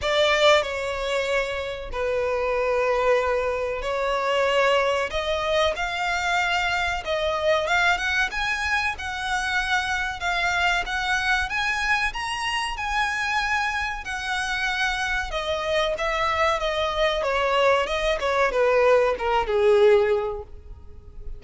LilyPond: \new Staff \with { instrumentName = "violin" } { \time 4/4 \tempo 4 = 94 d''4 cis''2 b'4~ | b'2 cis''2 | dis''4 f''2 dis''4 | f''8 fis''8 gis''4 fis''2 |
f''4 fis''4 gis''4 ais''4 | gis''2 fis''2 | dis''4 e''4 dis''4 cis''4 | dis''8 cis''8 b'4 ais'8 gis'4. | }